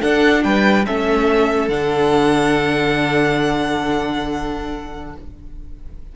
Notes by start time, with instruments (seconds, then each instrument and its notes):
0.00 viola D4, cello D4, violin A4 F#5
0.43 cello G3, violin B4 G5
0.85 cello A3, viola C#4, violin A4 E5
1.68 cello D3, viola D4, violin F#5